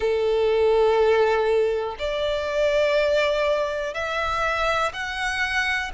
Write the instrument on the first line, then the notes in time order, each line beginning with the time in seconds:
violin
0.00 A4
1.99 D5
3.93 E5
4.93 F#5